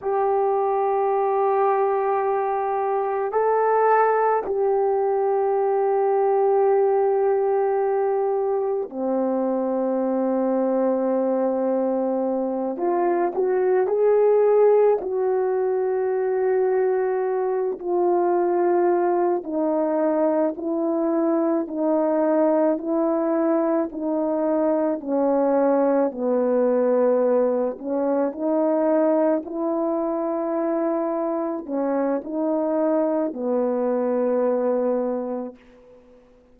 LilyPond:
\new Staff \with { instrumentName = "horn" } { \time 4/4 \tempo 4 = 54 g'2. a'4 | g'1 | c'2.~ c'8 f'8 | fis'8 gis'4 fis'2~ fis'8 |
f'4. dis'4 e'4 dis'8~ | dis'8 e'4 dis'4 cis'4 b8~ | b4 cis'8 dis'4 e'4.~ | e'8 cis'8 dis'4 b2 | }